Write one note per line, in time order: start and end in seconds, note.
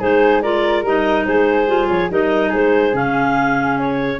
0.00 0.84 G#3
0.00 0.42 D#4
0.00 0.42 G#4
0.00 0.42 C5
0.42 0.85 F4
0.42 1.26 A#4
0.42 0.84 D5
0.84 1.26 G3
0.84 1.67 D#4
0.84 1.26 D#5
1.26 1.68 G#3
1.26 2.11 G#4
1.26 1.88 C5
1.67 1.89 G3
1.67 2.09 F4
1.89 2.11 F3
1.89 2.10 C#5
2.10 2.53 G3
2.10 2.93 D#4
2.10 2.49 A#4
2.10 2.54 D#5
2.49 2.94 G#3
2.49 4.17 G#4
2.49 2.96 C5
2.93 4.20 C#3
2.93 4.19 C#4
2.93 3.79 F5
3.79 4.20 C#5